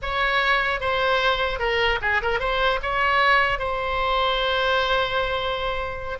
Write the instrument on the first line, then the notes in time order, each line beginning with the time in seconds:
oboe
0.01 C#5
0.80 C5
1.59 A#4
2.01 G#4
2.21 A#4
2.39 C5
2.82 C#5
3.58 C5